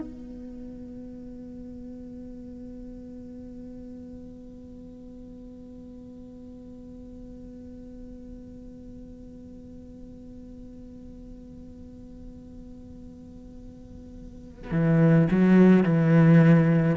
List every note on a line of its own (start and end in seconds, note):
0.00 14.71 B3
14.71 15.28 E3
15.30 15.83 F#3
15.83 16.96 E3